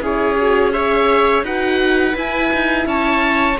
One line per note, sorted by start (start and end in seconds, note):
0.00 1.43 C#4
0.00 0.36 E4
0.00 0.73 G#4
0.00 0.72 C#5
0.38 0.73 F#4
0.72 1.44 G#4
0.72 1.44 C#5
0.72 1.44 E5
1.43 2.14 D#4
1.43 2.13 F#4
1.43 2.86 B4
1.43 2.17 F#5
2.13 3.56 E4
2.13 2.51 E4
2.13 2.88 G#5
2.53 2.86 D#4
2.86 3.57 C#4
2.86 3.58 C#5
2.86 3.59 A5